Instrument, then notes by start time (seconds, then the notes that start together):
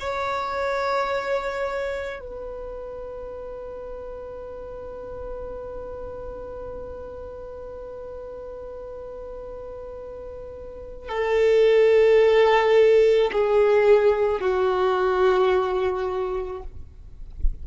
violin
0.00 C#5
2.20 B4
11.09 A4
13.32 G#4
14.40 F#4